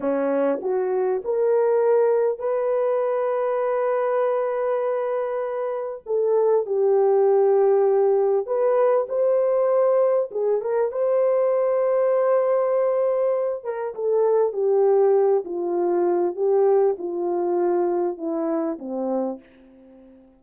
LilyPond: \new Staff \with { instrumentName = "horn" } { \time 4/4 \tempo 4 = 99 cis'4 fis'4 ais'2 | b'1~ | b'2 a'4 g'4~ | g'2 b'4 c''4~ |
c''4 gis'8 ais'8 c''2~ | c''2~ c''8 ais'8 a'4 | g'4. f'4. g'4 | f'2 e'4 c'4 | }